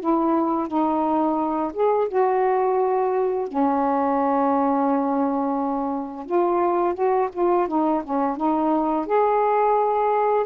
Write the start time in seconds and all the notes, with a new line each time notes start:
0.00 E4
0.68 D#4
1.73 G#4
2.08 F#4
3.48 C#4
6.26 F4
6.94 F#4
7.33 F4
7.67 D#4
8.04 C#4
8.37 D#4
9.06 G#4